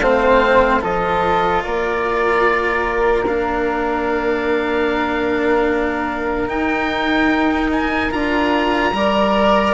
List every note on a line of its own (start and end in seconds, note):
0.00 0.81 A3
0.00 0.80 C4
0.00 0.81 C5
0.00 0.81 F5
0.80 1.64 F3
0.80 3.24 F4
0.80 1.62 A4
0.80 1.63 D#5
1.63 6.48 A#3
1.63 8.93 A#4
1.63 3.25 D5
3.26 6.48 D4
3.26 6.48 F5
6.48 8.10 D#4
6.48 7.70 G5
7.71 8.12 G#5
8.11 8.93 D4
8.11 8.92 F4
8.11 9.74 A#5
8.93 9.74 G3
8.93 9.74 A#4
8.93 9.74 D5